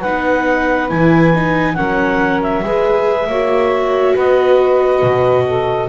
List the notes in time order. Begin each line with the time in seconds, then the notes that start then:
0.00 B3 D#4 B4 F#5
0.89 E3 E4 G#5
1.35 D#4
1.75 F#3 C#4 A#4 F#5
2.42 E5
2.63 G#3 G#4 B4
3.27 A#3 F#4 C#5
4.14 B3 B4 D#5
5.02 B2
5.46 A4